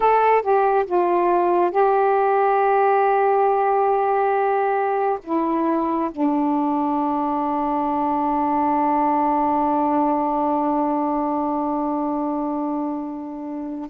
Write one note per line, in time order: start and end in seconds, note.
0.00 0.42 A4
0.42 0.85 G4
0.86 1.71 F4
1.71 5.19 G4
5.23 6.10 E4
6.11 13.90 D4